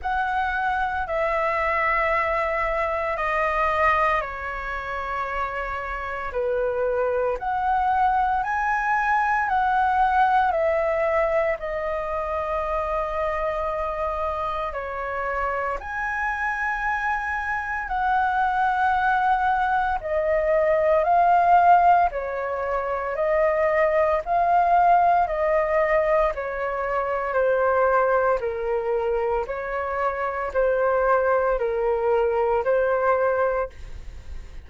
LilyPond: \new Staff \with { instrumentName = "flute" } { \time 4/4 \tempo 4 = 57 fis''4 e''2 dis''4 | cis''2 b'4 fis''4 | gis''4 fis''4 e''4 dis''4~ | dis''2 cis''4 gis''4~ |
gis''4 fis''2 dis''4 | f''4 cis''4 dis''4 f''4 | dis''4 cis''4 c''4 ais'4 | cis''4 c''4 ais'4 c''4 | }